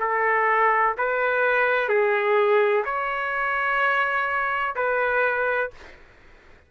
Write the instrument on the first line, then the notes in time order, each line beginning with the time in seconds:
trumpet
0.00 A4
0.97 B4
1.89 G#4
2.84 C#5
4.75 B4